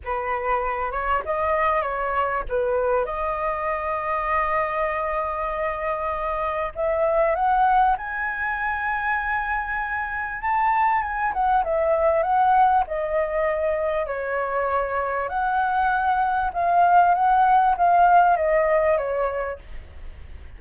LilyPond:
\new Staff \with { instrumentName = "flute" } { \time 4/4 \tempo 4 = 98 b'4. cis''8 dis''4 cis''4 | b'4 dis''2.~ | dis''2. e''4 | fis''4 gis''2.~ |
gis''4 a''4 gis''8 fis''8 e''4 | fis''4 dis''2 cis''4~ | cis''4 fis''2 f''4 | fis''4 f''4 dis''4 cis''4 | }